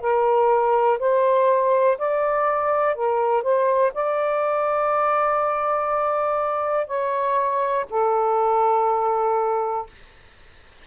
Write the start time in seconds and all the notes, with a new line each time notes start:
0.00 A#4
0.99 C5
1.98 D5
2.95 A#4
3.42 C5
3.94 D5
6.87 C#5
7.90 A4